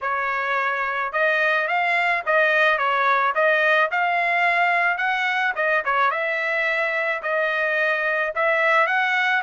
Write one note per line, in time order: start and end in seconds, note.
0.01 1.12 C#5
1.12 1.67 D#5
1.67 2.23 F5
2.26 2.78 D#5
2.78 3.33 C#5
3.34 3.90 D#5
3.91 4.97 F5
4.97 5.53 F#5
5.55 5.83 D#5
5.85 6.10 C#5
6.10 7.21 E5
7.22 8.33 D#5
8.35 8.86 E5
8.86 9.42 F#5